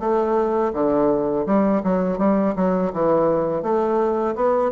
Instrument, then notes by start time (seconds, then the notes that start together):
bassoon
0.00 A3
0.74 D3
1.46 G3
1.83 F#3
2.19 G3
2.56 F#3
2.93 E3
3.63 A3
4.35 B3